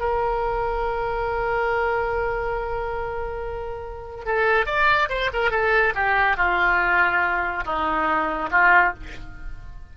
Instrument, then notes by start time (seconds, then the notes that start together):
oboe
0.00 A#4
4.25 A4
4.66 D5
5.09 C5
5.33 A#4
5.51 A4
5.95 G4
6.37 F4
7.65 D#4
8.51 F4